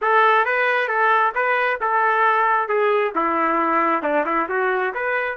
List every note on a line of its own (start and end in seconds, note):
0.01 0.45 A4
0.45 0.88 B4
0.88 1.32 A4
1.34 1.79 B4
1.80 2.68 A4
2.68 3.13 G#4
3.15 4.02 E4
4.02 4.25 D4
4.25 4.48 E4
4.48 4.93 F#4
4.94 5.37 B4